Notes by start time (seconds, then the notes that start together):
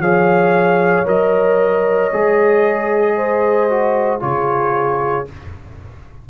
0.00 F3 G#4 C#5 F5
1.06 F#3 A#4 D#5
2.13 G#3 G#4
3.16 C5
3.70 F#4
4.20 C#3 F4 G#4 C#5